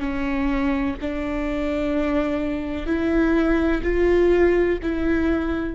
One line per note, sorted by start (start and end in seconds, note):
0.00 0.95 C#4
1.01 2.87 D4
2.87 3.82 E4
3.83 4.78 F4
4.83 5.75 E4